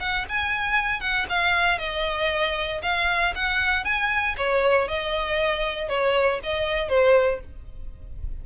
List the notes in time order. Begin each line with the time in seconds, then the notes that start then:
0.00 F#5
0.29 G#5
1.00 F#5
1.29 F5
1.78 D#5
2.83 F5
3.35 F#5
3.84 G#5
4.37 C#5
4.88 D#5
5.89 C#5
6.43 D#5
6.89 C5